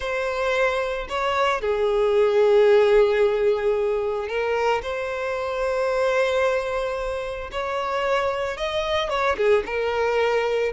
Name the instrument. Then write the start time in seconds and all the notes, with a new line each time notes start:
violin
0.00 C5
1.08 C#5
1.61 G#4
4.28 A#4
4.82 C5
7.51 C#5
8.57 D#5
9.09 C#5
9.37 G#4
9.66 A#4